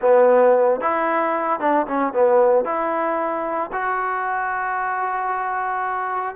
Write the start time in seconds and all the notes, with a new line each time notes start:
0.01 B3
0.81 E4
1.60 D4
1.87 C#4
2.13 B3
2.64 E4
3.72 F#4